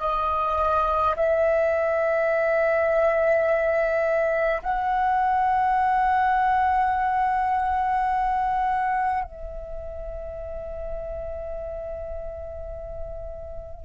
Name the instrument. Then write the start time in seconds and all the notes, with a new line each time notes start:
flute
0.00 D#5
1.16 E5
4.63 F#5
9.24 E5